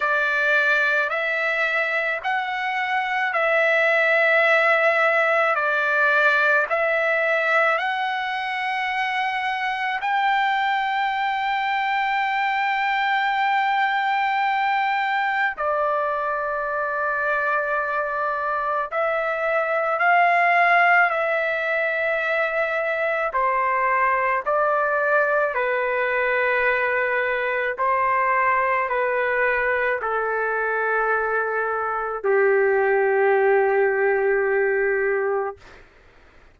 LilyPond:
\new Staff \with { instrumentName = "trumpet" } { \time 4/4 \tempo 4 = 54 d''4 e''4 fis''4 e''4~ | e''4 d''4 e''4 fis''4~ | fis''4 g''2.~ | g''2 d''2~ |
d''4 e''4 f''4 e''4~ | e''4 c''4 d''4 b'4~ | b'4 c''4 b'4 a'4~ | a'4 g'2. | }